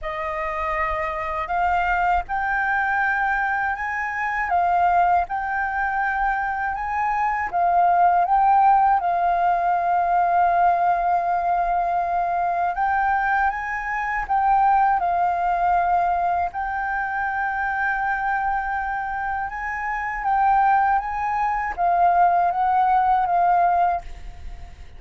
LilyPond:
\new Staff \with { instrumentName = "flute" } { \time 4/4 \tempo 4 = 80 dis''2 f''4 g''4~ | g''4 gis''4 f''4 g''4~ | g''4 gis''4 f''4 g''4 | f''1~ |
f''4 g''4 gis''4 g''4 | f''2 g''2~ | g''2 gis''4 g''4 | gis''4 f''4 fis''4 f''4 | }